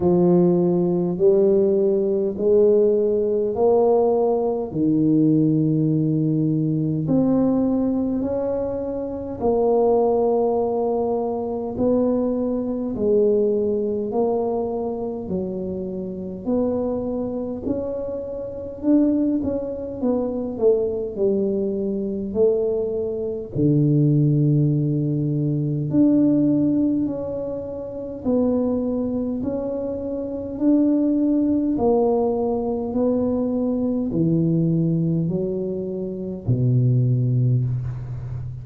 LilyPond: \new Staff \with { instrumentName = "tuba" } { \time 4/4 \tempo 4 = 51 f4 g4 gis4 ais4 | dis2 c'4 cis'4 | ais2 b4 gis4 | ais4 fis4 b4 cis'4 |
d'8 cis'8 b8 a8 g4 a4 | d2 d'4 cis'4 | b4 cis'4 d'4 ais4 | b4 e4 fis4 b,4 | }